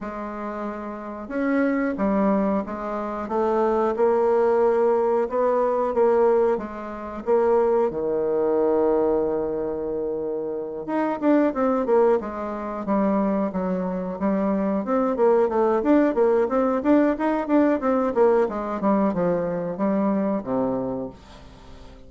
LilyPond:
\new Staff \with { instrumentName = "bassoon" } { \time 4/4 \tempo 4 = 91 gis2 cis'4 g4 | gis4 a4 ais2 | b4 ais4 gis4 ais4 | dis1~ |
dis8 dis'8 d'8 c'8 ais8 gis4 g8~ | g8 fis4 g4 c'8 ais8 a8 | d'8 ais8 c'8 d'8 dis'8 d'8 c'8 ais8 | gis8 g8 f4 g4 c4 | }